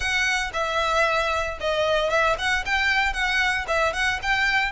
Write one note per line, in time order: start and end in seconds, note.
0.00 0.51 F#5
0.53 1.58 E5
1.60 2.09 D#5
2.09 2.36 E5
2.38 2.64 F#5
2.65 3.13 G5
3.13 3.65 F#5
3.67 3.93 E5
3.93 4.19 F#5
4.22 4.72 G5